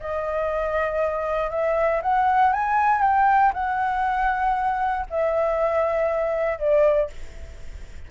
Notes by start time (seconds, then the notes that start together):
0.00 D#5
1.50 E5
2.02 F#5
2.52 G#5
3.01 G5
3.53 F#5
5.10 E5
6.58 D5